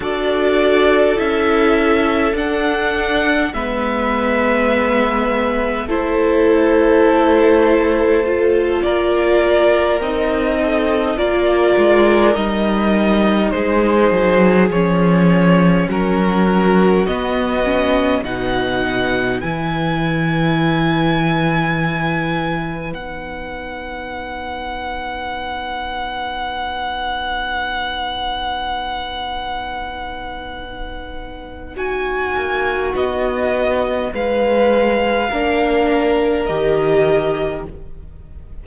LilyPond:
<<
  \new Staff \with { instrumentName = "violin" } { \time 4/4 \tempo 4 = 51 d''4 e''4 fis''4 e''4~ | e''4 c''2~ c''8 d''8~ | d''8 dis''4 d''4 dis''4 c''8~ | c''8 cis''4 ais'4 dis''4 fis''8~ |
fis''8 gis''2. fis''8~ | fis''1~ | fis''2. gis''4 | dis''4 f''2 dis''4 | }
  \new Staff \with { instrumentName = "violin" } { \time 4/4 a'2. b'4~ | b'4 a'2~ a'8 ais'8~ | ais'4 a'8 ais'2 gis'8~ | gis'4. fis'2 b'8~ |
b'1~ | b'1~ | b'2. fis'4~ | fis'4 b'4 ais'2 | }
  \new Staff \with { instrumentName = "viola" } { \time 4/4 fis'4 e'4 d'4 b4~ | b4 e'2 f'4~ | f'8 dis'4 f'4 dis'4.~ | dis'8 cis'2 b8 cis'8 dis'8~ |
dis'8 e'2. dis'8~ | dis'1~ | dis'1~ | dis'2 d'4 g'4 | }
  \new Staff \with { instrumentName = "cello" } { \time 4/4 d'4 cis'4 d'4 gis4~ | gis4 a2~ a8 ais8~ | ais8 c'4 ais8 gis8 g4 gis8 | fis8 f4 fis4 b4 b,8~ |
b,8 e2. b8~ | b1~ | b2.~ b8 ais8 | b4 gis4 ais4 dis4 | }
>>